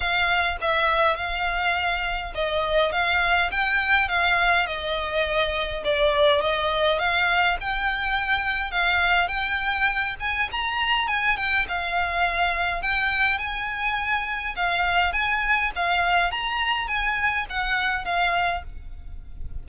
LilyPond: \new Staff \with { instrumentName = "violin" } { \time 4/4 \tempo 4 = 103 f''4 e''4 f''2 | dis''4 f''4 g''4 f''4 | dis''2 d''4 dis''4 | f''4 g''2 f''4 |
g''4. gis''8 ais''4 gis''8 g''8 | f''2 g''4 gis''4~ | gis''4 f''4 gis''4 f''4 | ais''4 gis''4 fis''4 f''4 | }